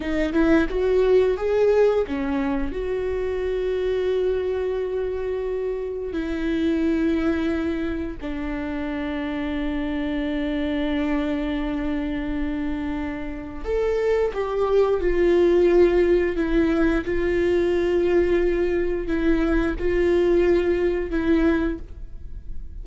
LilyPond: \new Staff \with { instrumentName = "viola" } { \time 4/4 \tempo 4 = 88 dis'8 e'8 fis'4 gis'4 cis'4 | fis'1~ | fis'4 e'2. | d'1~ |
d'1 | a'4 g'4 f'2 | e'4 f'2. | e'4 f'2 e'4 | }